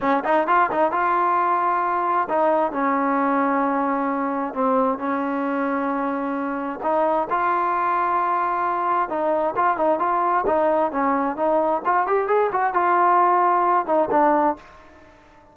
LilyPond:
\new Staff \with { instrumentName = "trombone" } { \time 4/4 \tempo 4 = 132 cis'8 dis'8 f'8 dis'8 f'2~ | f'4 dis'4 cis'2~ | cis'2 c'4 cis'4~ | cis'2. dis'4 |
f'1 | dis'4 f'8 dis'8 f'4 dis'4 | cis'4 dis'4 f'8 g'8 gis'8 fis'8 | f'2~ f'8 dis'8 d'4 | }